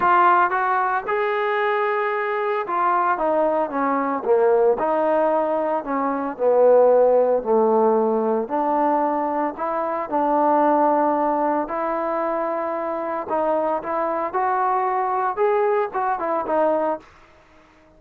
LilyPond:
\new Staff \with { instrumentName = "trombone" } { \time 4/4 \tempo 4 = 113 f'4 fis'4 gis'2~ | gis'4 f'4 dis'4 cis'4 | ais4 dis'2 cis'4 | b2 a2 |
d'2 e'4 d'4~ | d'2 e'2~ | e'4 dis'4 e'4 fis'4~ | fis'4 gis'4 fis'8 e'8 dis'4 | }